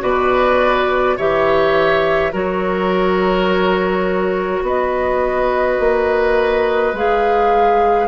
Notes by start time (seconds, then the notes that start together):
0.00 B2 F#4 B4 D5
1.17 E3 G4 C#5 E5
2.32 F#3 F#4 A#4 C#5
4.62 B3 B4 D#5
5.80 A#3
6.94 G#3 G#4 F5